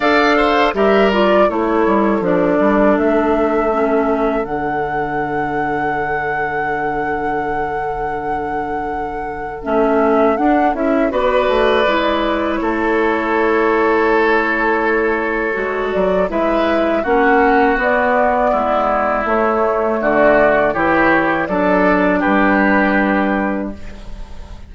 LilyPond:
<<
  \new Staff \with { instrumentName = "flute" } { \time 4/4 \tempo 4 = 81 f''4 e''8 d''8 cis''4 d''4 | e''2 fis''2~ | fis''1~ | fis''4 e''4 fis''8 e''8 d''4~ |
d''4 cis''2.~ | cis''4. d''8 e''4 fis''4 | d''2 cis''4 d''4 | cis''4 d''4 b'2 | }
  \new Staff \with { instrumentName = "oboe" } { \time 4/4 d''8 c''8 ais'4 a'2~ | a'1~ | a'1~ | a'2. b'4~ |
b'4 a'2.~ | a'2 b'4 fis'4~ | fis'4 e'2 fis'4 | g'4 a'4 g'2 | }
  \new Staff \with { instrumentName = "clarinet" } { \time 4/4 a'4 g'8 f'8 e'4 d'4~ | d'4 cis'4 d'2~ | d'1~ | d'4 cis'4 d'8 e'8 fis'4 |
e'1~ | e'4 fis'4 e'4 cis'4 | b2 a2 | e'4 d'2. | }
  \new Staff \with { instrumentName = "bassoon" } { \time 4/4 d'4 g4 a8 g8 f8 g8 | a2 d2~ | d1~ | d4 a4 d'8 cis'8 b8 a8 |
gis4 a2.~ | a4 gis8 fis8 gis4 ais4 | b4 gis4 a4 d4 | e4 fis4 g2 | }
>>